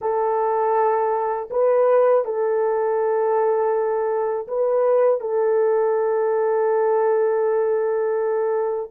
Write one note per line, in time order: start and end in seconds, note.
0.01 1.49 A4
1.50 2.24 B4
2.24 4.46 A4
4.47 5.20 B4
5.20 8.90 A4